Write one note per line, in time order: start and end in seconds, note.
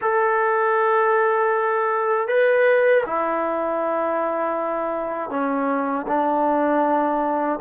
0.01 2.28 A4
2.28 3.03 B4
3.06 5.30 E4
5.30 6.06 C#4
6.07 7.59 D4